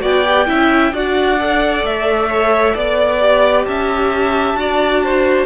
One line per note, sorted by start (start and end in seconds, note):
0.00 0.48 B3
0.00 0.23 F#4
0.00 0.47 D5
0.00 0.95 G5
0.26 0.46 G4
0.46 0.92 C#4
0.46 0.91 E4
0.46 0.93 E5
0.92 1.83 D4
0.92 1.39 F#4
0.92 2.28 D5
0.92 1.86 F#5
1.39 3.20 A4
1.83 2.74 A3
1.83 2.77 E5
2.28 2.74 C#5
2.74 3.66 B3
2.74 3.65 D5
3.20 4.56 G4
3.65 4.54 C#4
3.65 4.59 E5
3.65 5.46 A5
4.54 5.45 D4
4.54 5.46 F#4
4.54 5.04 D5
5.04 5.46 C5